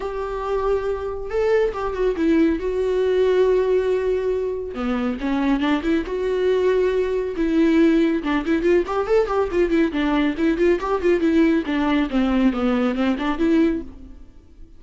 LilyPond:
\new Staff \with { instrumentName = "viola" } { \time 4/4 \tempo 4 = 139 g'2. a'4 | g'8 fis'8 e'4 fis'2~ | fis'2. b4 | cis'4 d'8 e'8 fis'2~ |
fis'4 e'2 d'8 e'8 | f'8 g'8 a'8 g'8 f'8 e'8 d'4 | e'8 f'8 g'8 f'8 e'4 d'4 | c'4 b4 c'8 d'8 e'4 | }